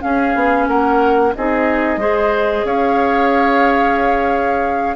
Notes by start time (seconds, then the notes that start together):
0.00 C#4 G#4 F5
0.35 B3
0.67 A#3 A#4 F#5
1.35 C4 D#4 G#4 D#5
1.97 G#3 G#4 C5
2.64 C#4 C#5 F5